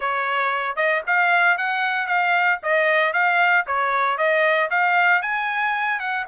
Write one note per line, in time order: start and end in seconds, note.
0.00 0.76 C#5
0.76 1.02 D#5
1.06 1.57 F5
1.57 2.07 F#5
2.07 2.59 F5
2.62 3.13 D#5
3.13 3.65 F5
3.66 4.17 C#5
4.17 4.69 D#5
4.70 5.22 F5
5.22 5.99 G#5
5.99 6.25 F#5